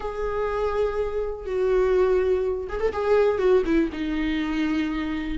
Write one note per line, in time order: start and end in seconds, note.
0.00 1.45 G#4
1.45 2.67 F#4
2.68 2.80 G#4
2.80 2.92 A4
2.92 3.38 G#4
3.38 3.63 F#4
3.65 3.89 E4
3.92 5.38 D#4